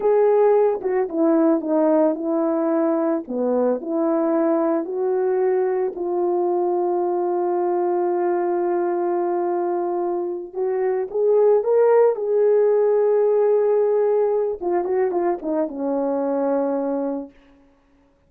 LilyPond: \new Staff \with { instrumentName = "horn" } { \time 4/4 \tempo 4 = 111 gis'4. fis'8 e'4 dis'4 | e'2 b4 e'4~ | e'4 fis'2 f'4~ | f'1~ |
f'2.~ f'8 fis'8~ | fis'8 gis'4 ais'4 gis'4.~ | gis'2. f'8 fis'8 | f'8 dis'8 cis'2. | }